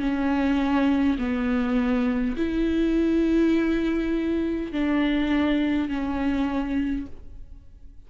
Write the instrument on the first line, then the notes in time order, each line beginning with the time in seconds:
viola
0.00 C#4
1.18 B3
2.37 E4
4.73 D4
5.89 C#4